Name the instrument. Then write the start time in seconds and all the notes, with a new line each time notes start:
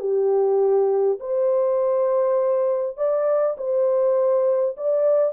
horn
0.00 G4
1.20 C5
2.97 D5
3.58 C5
4.77 D5